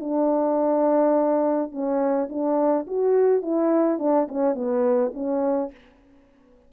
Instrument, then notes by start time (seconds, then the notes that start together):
horn
0.00 D4
1.71 C#4
2.29 D4
2.87 F#4
3.42 E4
3.99 D4
4.28 C#4
4.55 B3
5.14 C#4